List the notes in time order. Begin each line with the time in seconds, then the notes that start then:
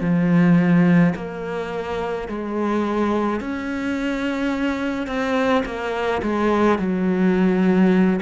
0.00 F3
1.15 A#3
2.28 G#3
3.40 C#4
5.06 C4
5.65 A#3
6.22 G#3
6.78 F#3